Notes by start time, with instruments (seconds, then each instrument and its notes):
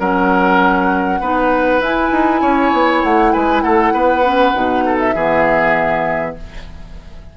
0.00 bassoon F#3, clarinet C#4, oboe A#4, flute F#5
1.21 bassoon B3, clarinet D#4, oboe B4
1.80 bassoon E4, clarinet E4, flute G#5
2.11 bassoon D#4
2.42 bassoon C#4, oboe C#5
2.73 bassoon B3
3.04 bassoon A3, flute F#5
3.33 bassoon G#3, oboe B4, flute G#5
3.62 bassoon A3, oboe A4, flute F#5
3.93 bassoon B3, oboe B4
4.24 clarinet C#4
4.55 bassoon B2, clarinet D#4
4.86 oboe A4
4.99 flute E5
5.15 bassoon E3, clarinet B3, oboe G#4